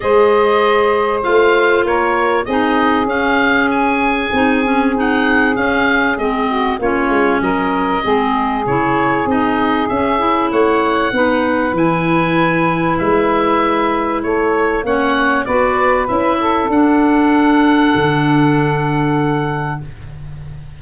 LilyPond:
<<
  \new Staff \with { instrumentName = "oboe" } { \time 4/4 \tempo 4 = 97 dis''2 f''4 cis''4 | dis''4 f''4 gis''2 | fis''4 f''4 dis''4 cis''4 | dis''2 cis''4 dis''4 |
e''4 fis''2 gis''4~ | gis''4 e''2 cis''4 | fis''4 d''4 e''4 fis''4~ | fis''1 | }
  \new Staff \with { instrumentName = "saxophone" } { \time 4/4 c''2. ais'4 | gis'1~ | gis'2~ gis'8 fis'8 f'4 | ais'4 gis'2.~ |
gis'4 cis''4 b'2~ | b'2. a'4 | cis''4 b'4. a'4.~ | a'1 | }
  \new Staff \with { instrumentName = "clarinet" } { \time 4/4 gis'2 f'2 | dis'4 cis'2 dis'8 cis'8 | dis'4 cis'4 c'4 cis'4~ | cis'4 c'4 e'4 dis'4 |
cis'8 e'4. dis'4 e'4~ | e'1 | cis'4 fis'4 e'4 d'4~ | d'1 | }
  \new Staff \with { instrumentName = "tuba" } { \time 4/4 gis2 a4 ais4 | c'4 cis'2 c'4~ | c'4 cis'4 gis4 ais8 gis8 | fis4 gis4 cis4 c'4 |
cis'4 a4 b4 e4~ | e4 gis2 a4 | ais4 b4 cis'4 d'4~ | d'4 d2. | }
>>